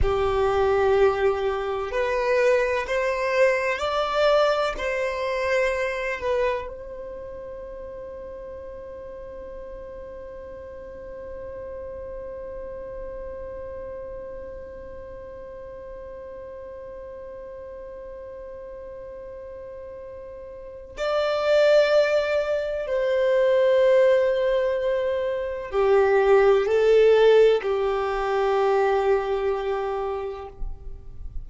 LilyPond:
\new Staff \with { instrumentName = "violin" } { \time 4/4 \tempo 4 = 63 g'2 b'4 c''4 | d''4 c''4. b'8 c''4~ | c''1~ | c''1~ |
c''1~ | c''2 d''2 | c''2. g'4 | a'4 g'2. | }